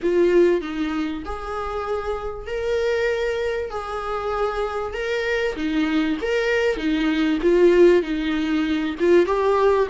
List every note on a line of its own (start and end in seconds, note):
0.02 0.61 F4
0.61 1.23 D#4
1.25 2.46 G#4
2.46 3.70 A#4
3.70 4.93 G#4
4.93 5.55 A#4
5.55 6.17 D#4
6.21 6.76 A#4
6.76 7.38 D#4
7.42 8.02 F4
8.02 8.95 D#4
8.99 9.26 F4
9.26 9.88 G4